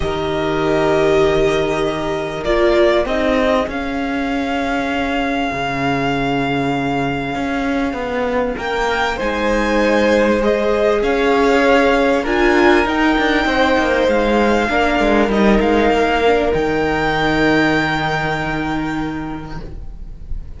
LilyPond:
<<
  \new Staff \with { instrumentName = "violin" } { \time 4/4 \tempo 4 = 98 dis''1 | d''4 dis''4 f''2~ | f''1~ | f''2 g''4 gis''4~ |
gis''4 dis''4 f''2 | gis''4 g''2 f''4~ | f''4 dis''8 f''4. g''4~ | g''1 | }
  \new Staff \with { instrumentName = "violin" } { \time 4/4 ais'1~ | ais'4 gis'2.~ | gis'1~ | gis'2 ais'4 c''4~ |
c''2 cis''2 | ais'2 c''2 | ais'1~ | ais'1 | }
  \new Staff \with { instrumentName = "viola" } { \time 4/4 g'1 | f'4 dis'4 cis'2~ | cis'1~ | cis'2. dis'4~ |
dis'4 gis'2. | f'4 dis'2. | d'4 dis'4. d'8 dis'4~ | dis'1 | }
  \new Staff \with { instrumentName = "cello" } { \time 4/4 dis1 | ais4 c'4 cis'2~ | cis'4 cis2. | cis'4 b4 ais4 gis4~ |
gis2 cis'2 | d'4 dis'8 d'8 c'8 ais8 gis4 | ais8 gis8 g8 gis8 ais4 dis4~ | dis1 | }
>>